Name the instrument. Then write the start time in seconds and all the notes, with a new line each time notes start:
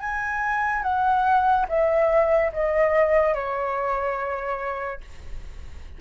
flute
0.00 G#5
0.83 F#5
1.69 E5
2.53 D#5
3.34 C#5